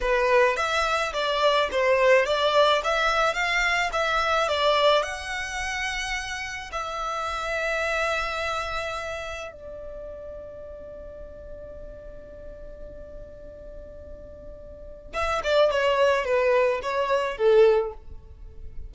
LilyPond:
\new Staff \with { instrumentName = "violin" } { \time 4/4 \tempo 4 = 107 b'4 e''4 d''4 c''4 | d''4 e''4 f''4 e''4 | d''4 fis''2. | e''1~ |
e''4 d''2.~ | d''1~ | d''2. e''8 d''8 | cis''4 b'4 cis''4 a'4 | }